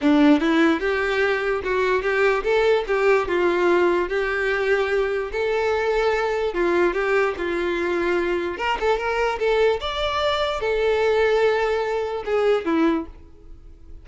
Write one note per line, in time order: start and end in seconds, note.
0.01 0.40 D4
0.40 0.80 E4
0.80 1.61 G4
1.64 2.02 F#4
2.02 2.43 G4
2.43 2.84 A4
2.87 3.27 G4
3.28 4.08 F4
4.08 5.31 G4
5.32 6.54 A4
6.54 6.93 F4
6.93 7.34 G4
7.37 8.57 F4
8.57 8.78 A#4
8.79 8.98 A4
8.98 9.39 A#4
9.39 9.80 A4
9.80 10.60 D5
10.60 12.23 A4
12.25 12.65 G#4
12.65 13.06 E4